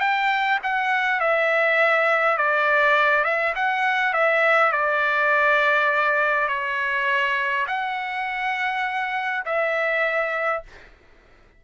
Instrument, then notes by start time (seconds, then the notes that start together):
trumpet
0.00 G5
0.63 F#5
1.20 E5
2.37 D5
3.24 E5
3.55 F#5
4.13 E5
4.72 D5
6.48 C#5
7.67 F#5
9.45 E5